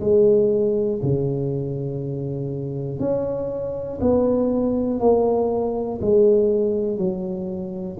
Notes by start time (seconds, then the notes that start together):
0.00 G#3
1.02 C#3
2.99 C#4
4.00 B3
5.00 A#3
6.01 G#3
6.97 F#3